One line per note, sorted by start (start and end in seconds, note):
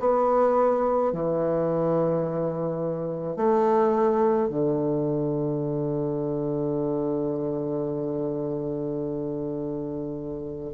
0.00 1.13 B3
1.13 3.37 E3
3.37 4.50 A3
4.50 10.72 D3